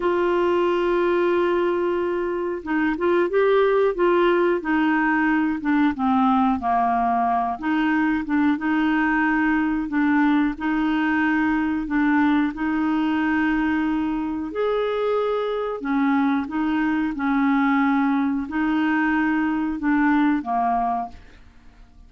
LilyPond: \new Staff \with { instrumentName = "clarinet" } { \time 4/4 \tempo 4 = 91 f'1 | dis'8 f'8 g'4 f'4 dis'4~ | dis'8 d'8 c'4 ais4. dis'8~ | dis'8 d'8 dis'2 d'4 |
dis'2 d'4 dis'4~ | dis'2 gis'2 | cis'4 dis'4 cis'2 | dis'2 d'4 ais4 | }